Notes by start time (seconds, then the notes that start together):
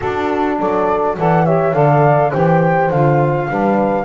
0.00 D4 F#4 A4
0.58 F#3 A4 D5
1.18 E3 A4 D5 F#5
1.44 G4 C#5 E5
1.73 D3 A4 D5 F5
2.31 E3 G4 C5 G5
2.90 D3 F4 F5
3.49 G3 D4 B4